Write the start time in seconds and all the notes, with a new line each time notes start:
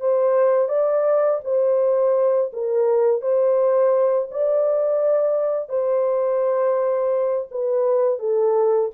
0.00 C5
0.69 D5
1.44 C5
2.53 A#4
3.21 C5
4.31 D5
5.69 C5
7.51 B4
8.19 A4